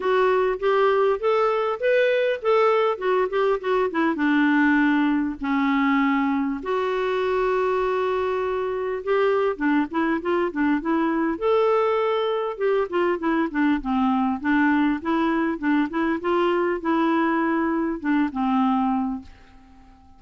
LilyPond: \new Staff \with { instrumentName = "clarinet" } { \time 4/4 \tempo 4 = 100 fis'4 g'4 a'4 b'4 | a'4 fis'8 g'8 fis'8 e'8 d'4~ | d'4 cis'2 fis'4~ | fis'2. g'4 |
d'8 e'8 f'8 d'8 e'4 a'4~ | a'4 g'8 f'8 e'8 d'8 c'4 | d'4 e'4 d'8 e'8 f'4 | e'2 d'8 c'4. | }